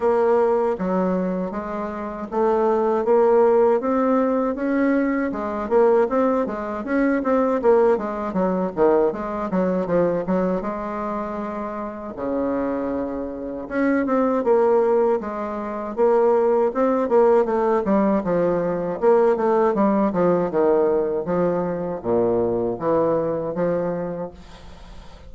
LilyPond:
\new Staff \with { instrumentName = "bassoon" } { \time 4/4 \tempo 4 = 79 ais4 fis4 gis4 a4 | ais4 c'4 cis'4 gis8 ais8 | c'8 gis8 cis'8 c'8 ais8 gis8 fis8 dis8 | gis8 fis8 f8 fis8 gis2 |
cis2 cis'8 c'8 ais4 | gis4 ais4 c'8 ais8 a8 g8 | f4 ais8 a8 g8 f8 dis4 | f4 ais,4 e4 f4 | }